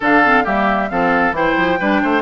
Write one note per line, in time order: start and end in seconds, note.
0.00 0.46 D3
0.00 0.24 D4
0.00 0.44 A4
0.00 0.45 F5
0.24 0.43 C4
0.43 0.90 G3
0.43 0.88 A#3
0.43 0.88 G4
0.43 0.89 E5
0.89 1.31 F3
0.89 1.33 C4
0.89 1.36 A4
0.89 1.33 F5
1.31 1.54 E3
1.31 1.78 E4
1.31 1.79 C5
1.31 2.22 G5
1.57 1.79 F3
1.79 2.02 G3
1.79 2.22 D4
1.79 2.01 B4
2.02 2.22 A3
2.02 2.22 C5